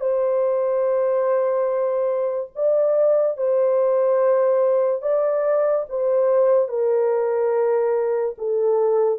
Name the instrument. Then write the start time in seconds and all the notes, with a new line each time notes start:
horn
0.00 C5
2.55 D5
3.37 C5
5.02 D5
5.89 C5
6.68 A#4
8.37 A4